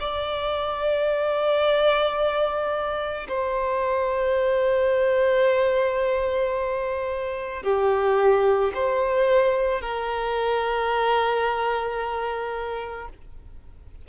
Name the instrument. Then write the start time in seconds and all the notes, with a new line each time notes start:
violin
0.00 D5
3.28 C5
7.63 G4
8.74 C5
9.81 A#4